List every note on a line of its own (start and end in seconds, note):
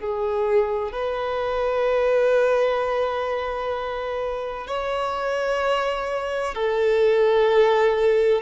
0.00 0.93 G#4
0.93 4.67 B4
4.67 6.55 C#5
6.55 8.42 A4